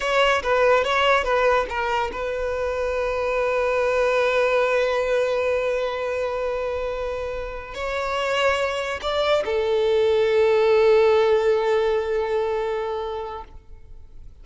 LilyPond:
\new Staff \with { instrumentName = "violin" } { \time 4/4 \tempo 4 = 143 cis''4 b'4 cis''4 b'4 | ais'4 b'2.~ | b'1~ | b'1~ |
b'2~ b'8 cis''4.~ | cis''4. d''4 a'4.~ | a'1~ | a'1 | }